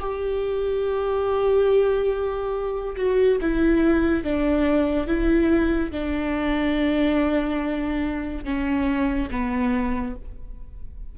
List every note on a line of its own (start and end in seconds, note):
0.00 2.96 G4
2.97 3.39 F#4
3.41 4.24 E4
4.24 5.07 D4
5.07 5.92 E4
5.92 8.45 D4
8.45 9.29 C#4
9.31 10.16 B3